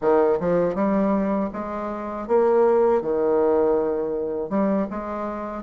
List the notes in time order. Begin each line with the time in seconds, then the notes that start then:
0.01 D#3
0.40 F3
0.75 G3
1.52 G#3
2.27 A#3
3.01 D#3
4.49 G3
4.90 G#3